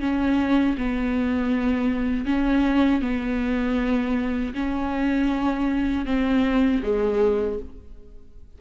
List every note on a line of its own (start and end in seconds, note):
0.00 0.76 C#4
0.77 2.26 B3
2.26 3.02 C#4
3.02 4.54 B3
4.54 6.06 C#4
6.06 6.82 C4
6.83 7.59 G#3